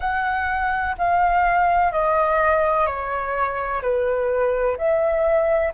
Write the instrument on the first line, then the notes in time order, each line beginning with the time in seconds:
flute
0.00 F#5
0.98 F5
1.92 D#5
2.86 C#5
3.82 B4
4.77 E5